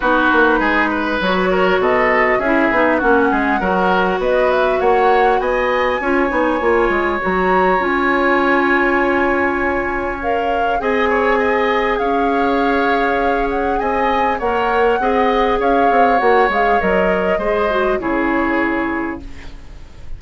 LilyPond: <<
  \new Staff \with { instrumentName = "flute" } { \time 4/4 \tempo 4 = 100 b'2 cis''4 dis''4 | e''4 fis''2 dis''8 e''8 | fis''4 gis''2. | ais''4 gis''2.~ |
gis''4 f''4 gis''2 | f''2~ f''8 fis''8 gis''4 | fis''2 f''4 fis''8 f''8 | dis''2 cis''2 | }
  \new Staff \with { instrumentName = "oboe" } { \time 4/4 fis'4 gis'8 b'4 ais'8 a'4 | gis'4 fis'8 gis'8 ais'4 b'4 | cis''4 dis''4 cis''2~ | cis''1~ |
cis''2 dis''8 cis''8 dis''4 | cis''2. dis''4 | cis''4 dis''4 cis''2~ | cis''4 c''4 gis'2 | }
  \new Staff \with { instrumentName = "clarinet" } { \time 4/4 dis'2 fis'2 | e'8 dis'8 cis'4 fis'2~ | fis'2 f'8 dis'8 f'4 | fis'4 f'2.~ |
f'4 ais'4 gis'2~ | gis'1 | ais'4 gis'2 fis'8 gis'8 | ais'4 gis'8 fis'8 e'2 | }
  \new Staff \with { instrumentName = "bassoon" } { \time 4/4 b8 ais8 gis4 fis4 b,4 | cis'8 b8 ais8 gis8 fis4 b4 | ais4 b4 cis'8 b8 ais8 gis8 | fis4 cis'2.~ |
cis'2 c'2 | cis'2. c'4 | ais4 c'4 cis'8 c'8 ais8 gis8 | fis4 gis4 cis2 | }
>>